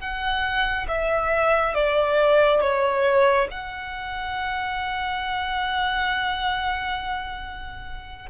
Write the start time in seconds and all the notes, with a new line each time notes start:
0.00 F#5
0.88 E5
1.75 D5
2.61 C#5
3.51 F#5